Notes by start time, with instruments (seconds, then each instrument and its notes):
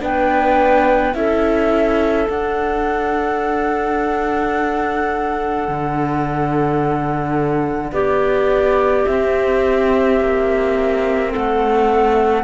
0.00 cello B3, viola D4, clarinet B4, flute G5
1.14 cello C#4, viola E4, clarinet A4, flute E5
2.27 viola D4, cello D4, flute F#5
5.68 cello D3
7.92 cello B3, clarinet G4, flute D5
9.06 cello C4, viola C4, flute E5
10.20 cello A#3
11.31 cello A3, clarinet A4, flute F#5